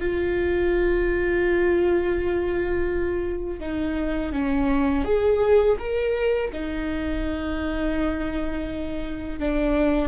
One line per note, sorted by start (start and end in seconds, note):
0.00 3.60 F4
3.60 4.32 D#4
4.33 5.05 C#4
5.05 5.78 G#4
5.79 6.52 A#4
6.53 9.40 D#4
9.40 10.09 D4